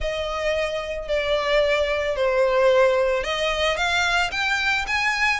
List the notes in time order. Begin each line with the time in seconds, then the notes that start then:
0.00 D#5
1.07 D5
2.16 C5
3.23 D#5
3.76 F5
4.31 G5
4.87 G#5